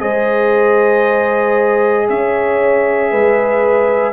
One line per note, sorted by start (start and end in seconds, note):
0.00 2.09 G#3
0.00 4.13 G#4
0.00 2.09 C5
0.00 2.08 D#5
2.10 3.12 C#4
2.10 3.11 C#5
2.10 4.13 E5
3.11 4.13 G#3
3.11 4.13 B4